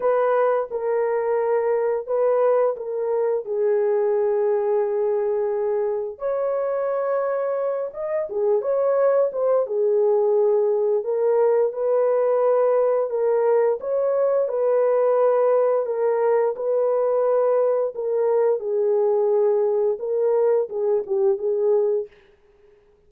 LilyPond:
\new Staff \with { instrumentName = "horn" } { \time 4/4 \tempo 4 = 87 b'4 ais'2 b'4 | ais'4 gis'2.~ | gis'4 cis''2~ cis''8 dis''8 | gis'8 cis''4 c''8 gis'2 |
ais'4 b'2 ais'4 | cis''4 b'2 ais'4 | b'2 ais'4 gis'4~ | gis'4 ais'4 gis'8 g'8 gis'4 | }